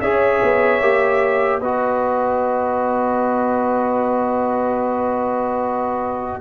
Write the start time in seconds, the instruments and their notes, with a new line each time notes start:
0.00 tuba C#4, trombone G#4, horn C#5, trumpet E5
0.42 tuba B3
0.81 tuba A#3, trombone G4
1.60 tuba B3, trombone F#4, horn B4, trumpet D#5